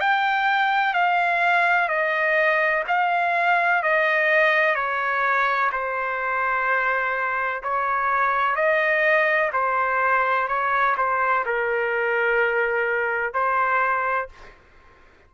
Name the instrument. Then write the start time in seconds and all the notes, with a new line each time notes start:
trumpet
0.00 G5
0.94 F5
1.88 D#5
2.87 F5
3.83 D#5
4.75 C#5
5.72 C5
7.63 C#5
8.55 D#5
9.53 C5
10.48 C#5
10.97 C5
11.45 A#4
13.33 C5